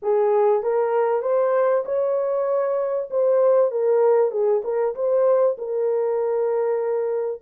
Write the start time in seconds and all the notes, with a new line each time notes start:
0.02 G#4
0.62 A#4
1.22 C5
1.85 C#5
3.10 C5
3.71 A#4
4.31 G#4
4.64 A#4
4.95 C5
5.58 A#4